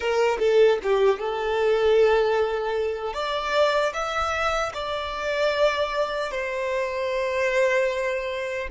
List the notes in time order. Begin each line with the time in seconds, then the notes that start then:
0.00 A#4
0.39 A4
0.83 G4
1.19 A4
3.13 D5
3.93 E5
4.73 D5
6.31 C5